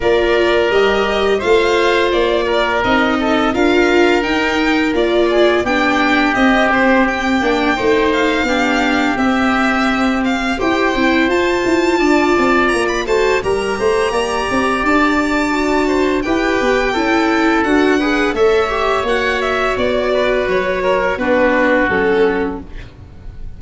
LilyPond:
<<
  \new Staff \with { instrumentName = "violin" } { \time 4/4 \tempo 4 = 85 d''4 dis''4 f''4 d''4 | dis''4 f''4 g''4 d''4 | g''4 dis''8 c''8 g''4. f''8~ | f''4 e''4. f''8 g''4 |
a''2 ais''16 b''16 a''8 ais''4~ | ais''4 a''2 g''4~ | g''4 fis''4 e''4 fis''8 e''8 | d''4 cis''4 b'4 a'4 | }
  \new Staff \with { instrumentName = "oboe" } { \time 4/4 ais'2 c''4. ais'8~ | ais'8 a'8 ais'2~ ais'8 gis'8 | g'2. c''4 | g'2. c''4~ |
c''4 d''4. c''8 ais'8 c''8 | d''2~ d''8 c''8 b'4 | a'4. b'8 cis''2~ | cis''8 b'4 ais'8 fis'2 | }
  \new Staff \with { instrumentName = "viola" } { \time 4/4 f'4 g'4 f'2 | dis'4 f'4 dis'4 f'4 | d'4 c'4. d'8 dis'4 | d'4 c'2 g'8 e'8 |
f'2~ f'8 fis'8 g'4~ | g'2 fis'4 g'4 | e'4 fis'8 gis'8 a'8 g'8 fis'4~ | fis'2 d'4 cis'4 | }
  \new Staff \with { instrumentName = "tuba" } { \time 4/4 ais4 g4 a4 ais4 | c'4 d'4 dis'4 ais4 | b4 c'4. ais8 a4 | b4 c'2 e'8 c'8 |
f'8 e'8 d'8 c'8 ais8 a8 g8 a8 | ais8 c'8 d'2 e'8 b8 | cis'4 d'4 a4 ais4 | b4 fis4 b4 fis4 | }
>>